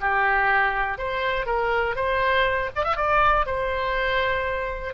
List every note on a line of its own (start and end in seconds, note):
0.00 0.97 G4
0.97 1.46 C5
1.46 1.95 A#4
1.95 2.70 C5
2.75 2.84 D5
2.84 2.96 E5
2.96 3.46 D5
3.46 4.94 C5